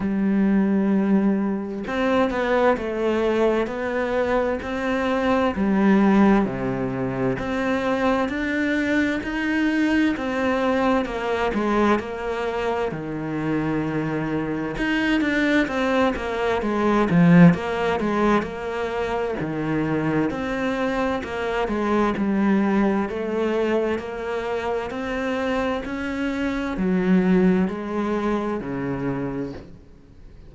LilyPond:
\new Staff \with { instrumentName = "cello" } { \time 4/4 \tempo 4 = 65 g2 c'8 b8 a4 | b4 c'4 g4 c4 | c'4 d'4 dis'4 c'4 | ais8 gis8 ais4 dis2 |
dis'8 d'8 c'8 ais8 gis8 f8 ais8 gis8 | ais4 dis4 c'4 ais8 gis8 | g4 a4 ais4 c'4 | cis'4 fis4 gis4 cis4 | }